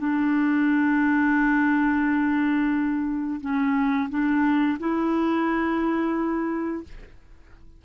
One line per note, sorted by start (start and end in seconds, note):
0.00 3.41 D4
3.41 4.09 C#4
4.10 4.78 D4
4.79 6.84 E4